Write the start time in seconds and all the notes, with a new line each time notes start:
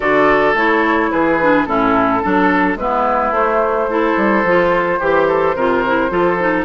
0.00 D3 F#4 A4 D5
0.54 A3 E4 C#5
1.11 E3 G#4 B4
1.41 D4
1.65 A2 C#4 E4 A4
2.22 F#3 D4 A4
2.75 G#3 B3 E4 B4
3.30 A3 C5
3.89 E4 A4
4.17 G3
4.44 F3 F4
4.99 E3 G4
5.28 A4
5.54 C3 F4 A#4
5.86 E4
6.09 F3 F4 A4
6.39 D#4